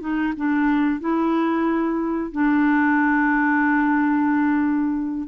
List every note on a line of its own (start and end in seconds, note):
0.00 0.33 D#4
0.36 1.00 D4
1.00 2.32 E4
2.32 5.28 D4